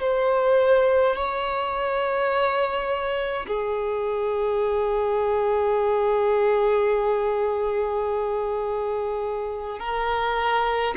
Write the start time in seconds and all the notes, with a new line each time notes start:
0.00 C5
1.15 C#5
3.47 G#4
9.79 A#4